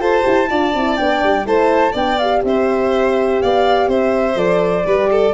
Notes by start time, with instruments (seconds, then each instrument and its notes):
0.00 tuba F4, horn A4, violin C5, flute A5
0.23 tuba E4, horn G4
0.50 tuba D4, horn F4, violin D5
0.74 tuba C4, horn E4
0.97 tuba B3, horn D4, flute G5
1.23 tuba G3
1.44 tuba A3, horn E4, violin C5, flute A5
1.92 tuba B3, horn D4, violin D5, flute G5
2.19 horn G4, flute F5
2.44 tuba C4, violin C5, flute E5
3.42 tuba B3, violin D5, flute F5
3.88 tuba C4, violin C5, flute E5
4.36 tuba F3, horn A4, flute D5
4.84 tuba G3, horn G4, violin B4
5.11 violin A4